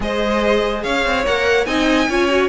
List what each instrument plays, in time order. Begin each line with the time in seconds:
0.00 cello G#3, viola G#4, violin C5 D#5
0.83 cello C#4, violin C#5 F5
1.05 cello C4
1.25 cello A#3, viola A#4, violin F#5
1.65 cello C4, viola D#4, violin D#5 G#5
2.09 cello C#4, viola F4, violin C#5
2.29 viola F#4